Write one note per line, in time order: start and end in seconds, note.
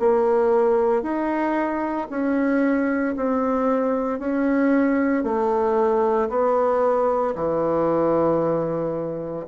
0.00 1.02 A#3
1.02 2.08 D#4
2.10 3.15 C#4
3.17 4.20 C4
4.20 5.24 C#4
5.24 6.29 A3
6.30 7.35 B3
7.36 9.46 E3